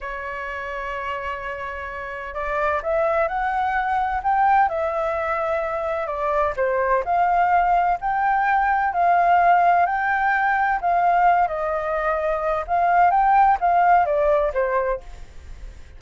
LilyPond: \new Staff \with { instrumentName = "flute" } { \time 4/4 \tempo 4 = 128 cis''1~ | cis''4 d''4 e''4 fis''4~ | fis''4 g''4 e''2~ | e''4 d''4 c''4 f''4~ |
f''4 g''2 f''4~ | f''4 g''2 f''4~ | f''8 dis''2~ dis''8 f''4 | g''4 f''4 d''4 c''4 | }